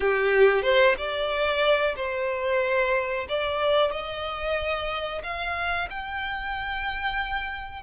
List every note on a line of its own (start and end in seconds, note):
0.00 0.62 G4
0.62 0.95 C5
0.97 1.95 D5
1.96 3.26 C5
3.28 3.91 D5
3.91 5.22 D#5
5.23 5.88 F5
5.89 7.82 G5